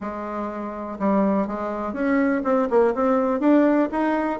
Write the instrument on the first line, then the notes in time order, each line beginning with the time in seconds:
bassoon
0.00 G#3
0.99 G3
1.47 G#3
1.93 C#4
2.44 C4
2.69 A#3
2.94 C4
3.40 D4
3.91 D#4